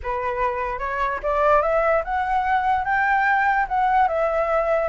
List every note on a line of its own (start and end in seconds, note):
0.02 0.78 B4
0.78 1.19 C#5
1.22 1.61 D5
1.61 2.02 E5
2.04 2.85 F#5
2.85 3.66 G5
3.68 4.08 F#5
4.08 4.88 E5